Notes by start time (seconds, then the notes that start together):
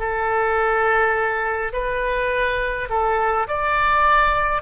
0.00 A4
1.74 B4
2.90 A4
3.48 D5